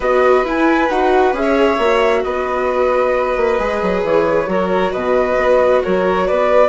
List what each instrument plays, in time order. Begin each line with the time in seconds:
0.00 bassoon B3, viola F#4, violin B4, flute D#5
0.43 bassoon E4, viola E4, flute G#5
0.89 bassoon D#4, viola F#4, flute F#5
1.32 bassoon C#4, viola G#4, flute E5
1.42 violin C#5
1.78 bassoon A#3, viola F#4
2.23 bassoon B3, violin B4, flute D#5
3.36 bassoon A#3
3.58 bassoon G#3, viola G#4
3.82 bassoon F#3
4.03 bassoon E3, flute C#5
4.46 bassoon F#3, viola F#4, violin A#4
4.92 bassoon B2, violin B4, flute D#5
5.37 bassoon B3
5.83 bassoon F#3, violin A#4, flute C#5
6.27 bassoon B3, violin B4, flute D5